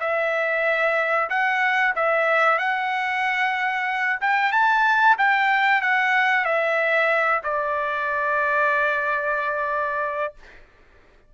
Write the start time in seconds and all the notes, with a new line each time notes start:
0.00 E5
1.30 F#5
1.96 E5
2.58 F#5
4.21 G5
4.52 A5
5.18 G5
5.82 F#5
6.45 E5
7.44 D5